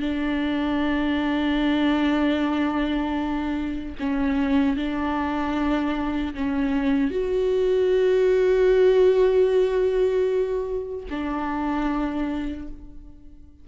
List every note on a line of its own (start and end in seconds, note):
0.00 3.95 D4
4.00 4.77 C#4
4.77 6.34 D4
6.34 7.11 C#4
7.11 11.06 F#4
11.10 12.68 D4